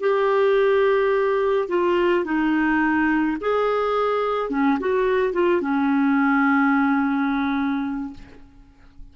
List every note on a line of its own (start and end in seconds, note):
0.00 1.68 G4
1.68 2.24 F4
2.25 3.37 D#4
3.41 4.50 G#4
4.50 4.78 C#4
4.79 5.33 F#4
5.33 5.61 F4
5.61 8.13 C#4